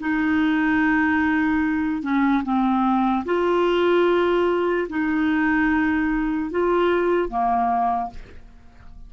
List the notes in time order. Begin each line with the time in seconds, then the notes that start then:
0.00 D#4
2.02 C#4
2.43 C4
3.25 F4
4.89 D#4
6.50 F4
7.29 A#3